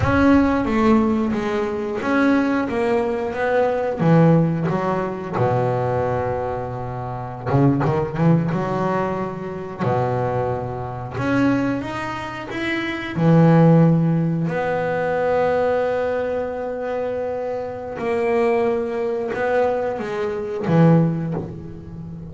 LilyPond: \new Staff \with { instrumentName = "double bass" } { \time 4/4 \tempo 4 = 90 cis'4 a4 gis4 cis'4 | ais4 b4 e4 fis4 | b,2.~ b,16 cis8 dis16~ | dis16 e8 fis2 b,4~ b,16~ |
b,8. cis'4 dis'4 e'4 e16~ | e4.~ e16 b2~ b16~ | b2. ais4~ | ais4 b4 gis4 e4 | }